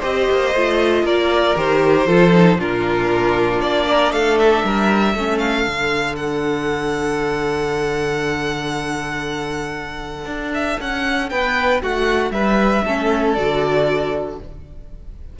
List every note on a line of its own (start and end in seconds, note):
0.00 0.29 C4
0.00 0.53 G4
0.00 1.03 C5
0.00 1.06 D#5
0.31 0.55 A#3
0.55 1.04 A3
0.55 1.56 F4
1.04 1.55 A#3
1.04 2.07 A#4
1.04 1.58 D5
1.56 2.07 D#3
1.56 2.07 G4
1.56 2.60 C5
2.07 2.58 F3
2.07 2.31 F4
2.07 2.58 A4
2.31 2.57 D#4
2.58 3.60 A#2
2.58 5.15 D4
2.58 3.87 F4
2.58 3.61 A#4
3.60 4.11 A#3
3.60 4.12 D5
3.87 4.13 A#4
4.11 4.63 A3
4.11 4.66 A4
4.11 4.38 F5
4.39 5.38 E5
4.64 5.15 G3
4.64 5.15 A#4
5.15 5.66 A3
5.15 5.68 C#4
5.15 11.30 A4
5.38 6.15 F5
5.67 10.25 D3
5.67 12.86 D4
6.16 10.52 F#5
10.25 10.77 D4
10.54 10.80 E5
10.80 11.31 C#4
10.80 11.29 F#5
11.29 11.82 B3
11.29 11.82 B4
11.29 11.81 G5
11.82 12.31 A3
11.82 12.33 F#4
11.82 12.32 F#5
12.31 12.82 G3
12.31 12.85 B4
12.31 13.34 E5
12.85 13.37 A3
12.85 13.37 C#4
12.85 14.39 A4
13.34 14.40 D3
13.34 14.40 F#4
13.34 14.36 D5